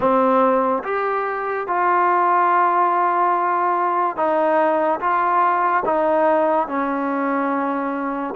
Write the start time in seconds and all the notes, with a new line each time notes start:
0.00 C4
0.83 G4
1.67 F4
4.16 D#4
5.00 F4
5.85 D#4
6.67 C#4